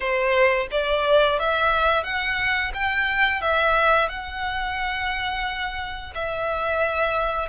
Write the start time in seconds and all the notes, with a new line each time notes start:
0.00 C5
0.71 D5
1.39 E5
2.03 F#5
2.74 G5
3.41 E5
4.08 F#5
6.15 E5